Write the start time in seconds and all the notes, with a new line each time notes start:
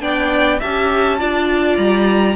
0.00 B3 D4 D5 G5
0.59 C#4 G4 E5 A5
1.18 D4 F4 D5
1.77 G3 A#5